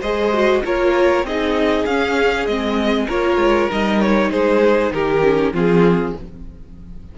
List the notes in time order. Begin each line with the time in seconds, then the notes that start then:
0.00 G#3 G#4 C5 D#5
0.32 F#4
0.63 A#3 F4 A#4 C#5
1.23 C4 D#4 G#4 D#5
1.85 C#4 F5
2.46 G#3 C4 D#5
3.08 A#3 F4 A#4 C#5
3.36 G#3
3.70 G3 D#4 D#5
4.00 C#5
4.31 G#3 G#4 C5
4.90 D#3 G4 A#4
5.22 C#4
5.51 F3 C4 F4 G#4